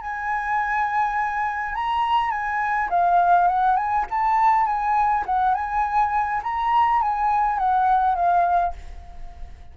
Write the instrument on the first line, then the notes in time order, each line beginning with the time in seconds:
flute
0.00 G#5
1.75 A#5
2.31 G#5
2.89 F5
3.47 F#5
3.76 G#5
4.10 A5
4.66 G#5
5.26 F#5
5.54 G#5
6.43 A#5
7.01 G#5
7.58 F#5
8.15 F5